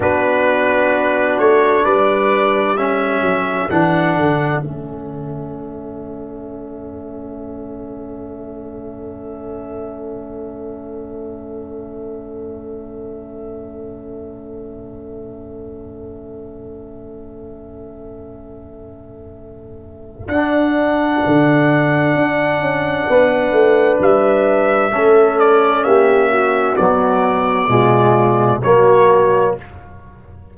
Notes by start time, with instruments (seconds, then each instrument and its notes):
0.00 tuba B3, trombone D4, horn F#4, trumpet B4
1.38 tuba A3, trumpet C#5
1.83 tuba G3, horn B4, trumpet D5
2.76 trombone C#4, horn A4, trumpet E5
3.21 tuba F#3
3.69 tuba E3, trombone D4, trumpet F#5
4.15 tuba D3
4.62 tuba A3, trombone C#4, trumpet E5
20.27 tuba D4, trombone D4, trumpet F#5
21.26 tuba D3
22.15 tuba D4
22.59 tuba C#4
23.08 tuba B3, horn B4
23.51 tuba A3
23.99 tuba G3, trumpet E5
24.91 tuba A3, trombone C#4, horn A4
25.39 trumpet D5
25.83 tuba A#3, horn G4, trumpet E5
26.31 horn F#4
26.76 trombone F#3, tuba B3, trumpet D5
27.68 tuba B2, trombone G#3, horn F4
28.62 tuba F#3, trombone A#3, horn F#4, trumpet C#5